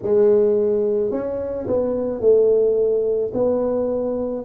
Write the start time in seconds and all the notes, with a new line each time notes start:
0.02 G#3
1.11 C#4
1.67 B3
2.20 A3
3.33 B3